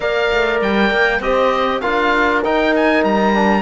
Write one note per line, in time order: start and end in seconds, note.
0.00 0.31 A#3
0.00 1.19 A#4
0.00 1.21 D5
0.00 0.59 F5
0.32 0.61 A3
0.61 0.90 G3
0.61 1.22 G5
0.90 1.20 A#3
1.20 1.80 C4
1.20 1.82 G4
1.20 1.81 C5
1.20 1.81 D#5
1.81 2.44 D4
1.81 2.42 F4
1.81 3.62 A#4
1.81 2.41 F5
2.44 3.33 D#4
2.44 3.03 D#4
2.44 2.74 G5
2.76 3.04 G#5
3.03 3.62 G3
3.03 3.62 A#5
3.33 3.62 D4